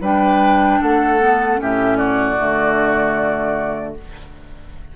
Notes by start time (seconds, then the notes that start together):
0.00 G3 D4 B4 G5
0.81 A3 A4 F#5
1.19 B3
1.56 A2 C#4 G4 E5
1.96 F#4 D5
2.37 D3 A3